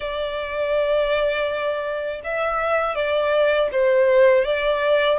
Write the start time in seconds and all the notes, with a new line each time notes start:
0.00 D5
2.24 E5
2.95 D5
3.71 C5
4.44 D5